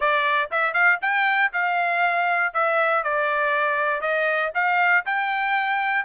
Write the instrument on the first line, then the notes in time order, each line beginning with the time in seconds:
trumpet
0.00 D5
0.51 E5
0.73 F5
1.01 G5
1.52 F5
2.53 E5
3.03 D5
4.01 D#5
4.54 F5
5.05 G5